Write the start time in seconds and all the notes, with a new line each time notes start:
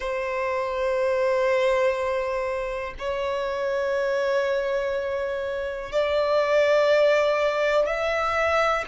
0.00 C5
2.98 C#5
5.92 D5
7.86 E5